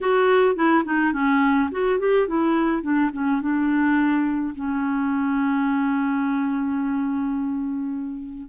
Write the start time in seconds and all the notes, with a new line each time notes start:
0.01 F#4
0.55 E4
0.84 D#4
1.12 C#4
1.71 F#4
1.99 G4
2.27 E4
2.82 D4
3.12 C#4
3.41 D4
4.55 C#4